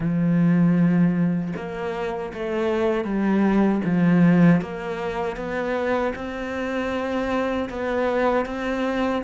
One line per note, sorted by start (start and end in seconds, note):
0.00 1.53 F3
1.56 2.33 A#3
2.33 3.04 A3
3.04 3.81 G3
3.84 4.61 F3
4.61 5.36 A#3
5.36 6.13 B3
6.15 7.69 C4
7.69 8.45 B3
8.45 9.22 C4